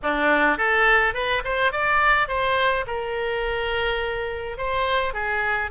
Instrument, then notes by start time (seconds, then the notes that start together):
oboe
0.02 D4
0.57 A4
1.14 B4
1.44 C5
1.72 D5
2.28 C5
2.86 A#4
4.57 C5
5.13 G#4